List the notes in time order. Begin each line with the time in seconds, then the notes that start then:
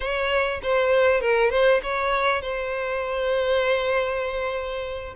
0.00 C#5
0.62 C5
1.20 A#4
1.50 C5
1.82 C#5
2.41 C5